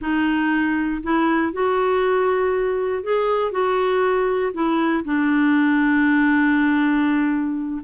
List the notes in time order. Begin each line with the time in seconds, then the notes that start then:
0.01 D#4
1.03 E4
1.52 F#4
3.03 G#4
3.51 F#4
4.53 E4
5.04 D4